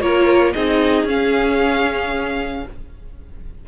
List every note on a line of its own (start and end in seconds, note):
0.00 0.53 A#3
0.00 0.54 F4
0.00 0.53 A#4
0.00 0.52 C#5
0.52 1.04 C4
0.52 1.08 D#4
0.52 2.65 G#4
0.52 1.05 D#5
1.04 2.63 C#4
1.04 2.67 C#4
1.04 2.68 F5